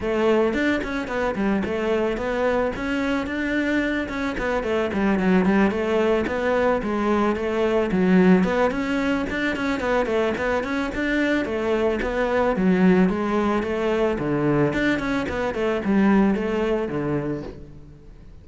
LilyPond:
\new Staff \with { instrumentName = "cello" } { \time 4/4 \tempo 4 = 110 a4 d'8 cis'8 b8 g8 a4 | b4 cis'4 d'4. cis'8 | b8 a8 g8 fis8 g8 a4 b8~ | b8 gis4 a4 fis4 b8 |
cis'4 d'8 cis'8 b8 a8 b8 cis'8 | d'4 a4 b4 fis4 | gis4 a4 d4 d'8 cis'8 | b8 a8 g4 a4 d4 | }